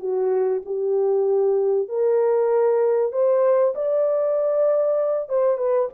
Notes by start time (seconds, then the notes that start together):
0.00 F#4
0.66 G4
1.89 A#4
3.12 C5
3.75 D5
5.29 C5
5.58 B4